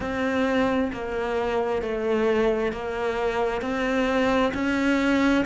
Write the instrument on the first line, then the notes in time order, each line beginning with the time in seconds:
cello
0.00 C4
0.92 A#3
1.82 A3
2.72 A#3
3.61 C4
4.53 C#4